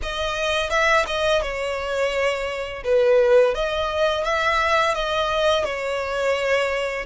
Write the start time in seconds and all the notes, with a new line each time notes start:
0.02 D#5
0.70 E5
1.07 D#5
1.42 C#5
2.84 B4
3.54 D#5
4.24 E5
4.94 D#5
5.64 C#5